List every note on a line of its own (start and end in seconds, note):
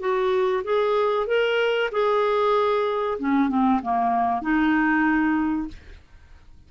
0.00 0.63 F#4
0.64 1.27 G#4
1.27 1.90 A#4
1.92 3.18 G#4
3.19 3.49 C#4
3.49 3.81 C4
3.82 4.42 A#3
4.42 5.68 D#4